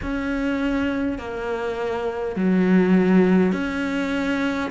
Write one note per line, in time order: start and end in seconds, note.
0.02 1.18 C#4
1.18 2.35 A#3
2.35 3.52 F#3
3.52 4.70 C#4